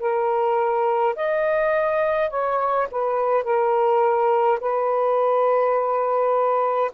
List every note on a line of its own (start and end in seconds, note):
0.00 1.15 A#4
1.16 2.30 D#5
2.30 2.88 C#5
2.92 3.44 B4
3.44 4.59 A#4
4.61 6.92 B4